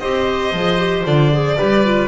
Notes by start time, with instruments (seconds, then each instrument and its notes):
0.00 double bass C4, clarinet G4, oboe C5, violin D#5
0.53 double bass F3, clarinet G#4
0.79 clarinet G4
1.05 double bass D3, clarinet F4, violin D5
1.33 clarinet G#4
1.58 double bass G3, clarinet G4, oboe B4
1.85 clarinet F4